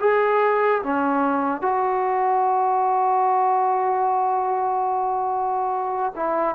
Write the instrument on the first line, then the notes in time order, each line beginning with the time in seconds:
trombone
0.00 G#4
0.83 C#4
1.62 F#4
6.16 E4